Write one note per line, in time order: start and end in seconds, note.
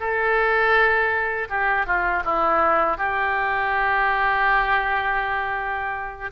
0.00 1.48 A4
1.49 1.86 G4
1.86 2.23 F4
2.25 2.98 E4
2.98 6.31 G4